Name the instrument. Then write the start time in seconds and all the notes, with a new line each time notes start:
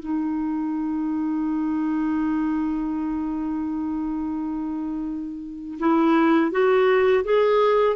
clarinet
0.00 D#4
5.80 E4
6.52 F#4
7.24 G#4